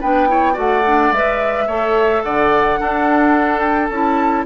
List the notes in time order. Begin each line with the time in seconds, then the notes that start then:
0.00 B3 D4 B4 G5
0.28 E4 C#5
0.53 A3 F#4 D5 F#5
0.86 D4
1.12 G#3 B4 E5
1.67 A3 A4 C#5
2.23 D3 D5 F#5
2.78 D4 A4
3.60 G5
3.89 C#4 E4 A5